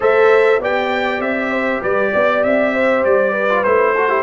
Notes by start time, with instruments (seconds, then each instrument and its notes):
0.00 tuba A3, trombone A4, horn C5, trumpet E5
0.59 tuba B3, trombone G4, horn D5, trumpet G5
1.19 tuba C4, trumpet E5
1.50 horn C5
1.81 tuba G3, horn B4, trumpet D5
2.13 tuba B3, horn D5
2.43 tuba C4, trumpet E5
2.73 horn C5
3.04 tuba G3, trumpet D5
3.32 horn B4
3.49 trombone F4
3.63 tuba A3, trombone E4, trumpet C5
3.94 trombone F#4, horn A4
4.08 trombone E4, horn G4